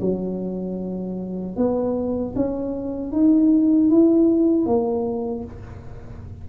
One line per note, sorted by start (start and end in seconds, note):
0.00 1.56 F#3
1.56 2.34 B3
2.35 3.12 C#4
3.12 3.90 D#4
3.90 4.66 E4
4.66 5.44 A#3